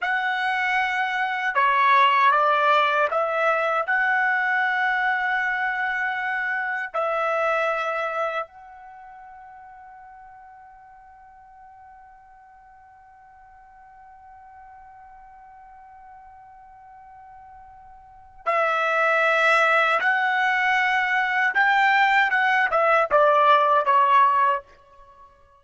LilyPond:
\new Staff \with { instrumentName = "trumpet" } { \time 4/4 \tempo 4 = 78 fis''2 cis''4 d''4 | e''4 fis''2.~ | fis''4 e''2 fis''4~ | fis''1~ |
fis''1~ | fis''1 | e''2 fis''2 | g''4 fis''8 e''8 d''4 cis''4 | }